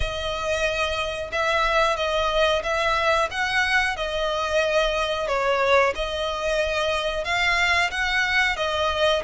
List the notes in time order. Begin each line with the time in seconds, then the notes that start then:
0.00 D#5
1.32 E5
1.96 D#5
2.63 E5
3.31 F#5
3.96 D#5
5.27 C#5
5.95 D#5
7.24 F5
7.90 F#5
8.56 D#5